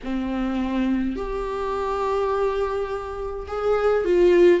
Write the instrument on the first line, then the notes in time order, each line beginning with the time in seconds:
viola
0.03 C4
1.16 G4
3.47 G#4
4.04 F4